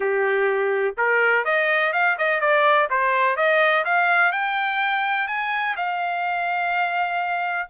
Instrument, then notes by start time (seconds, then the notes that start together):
trumpet
0.00 G4
0.97 A#4
1.44 D#5
1.92 F5
2.18 D#5
2.40 D5
2.90 C5
3.36 D#5
3.84 F5
4.32 G5
5.27 G#5
5.76 F5